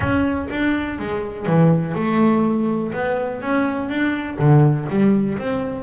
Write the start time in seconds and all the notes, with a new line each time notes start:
0.00 C#4
0.50 D4
0.99 G#3
1.46 E3
1.94 A3
2.92 B3
3.41 C#4
3.89 D4
4.39 D3
4.89 G3
5.38 C4